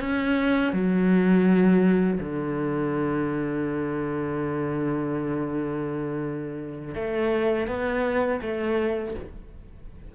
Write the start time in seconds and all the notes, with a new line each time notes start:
0.00 C#4
0.73 F#3
2.20 D3
6.95 A3
7.67 B3
8.41 A3